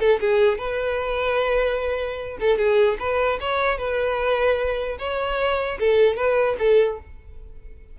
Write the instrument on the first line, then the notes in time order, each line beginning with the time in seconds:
violin
0.00 A4
0.21 G#4
0.59 B4
2.40 A4
2.58 G#4
3.00 B4
3.41 C#5
3.79 B4
4.99 C#5
5.80 A4
6.17 B4
6.59 A4